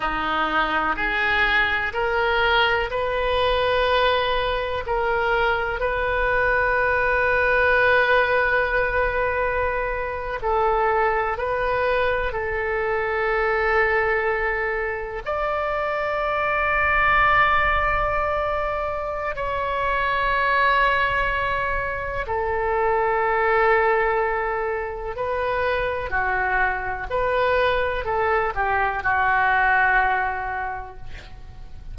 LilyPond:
\new Staff \with { instrumentName = "oboe" } { \time 4/4 \tempo 4 = 62 dis'4 gis'4 ais'4 b'4~ | b'4 ais'4 b'2~ | b'2~ b'8. a'4 b'16~ | b'8. a'2. d''16~ |
d''1 | cis''2. a'4~ | a'2 b'4 fis'4 | b'4 a'8 g'8 fis'2 | }